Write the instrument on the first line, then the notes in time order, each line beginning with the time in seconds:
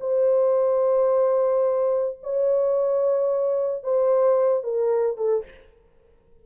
horn
0.00 C5
2.23 C#5
3.83 C5
4.63 A#4
5.17 A4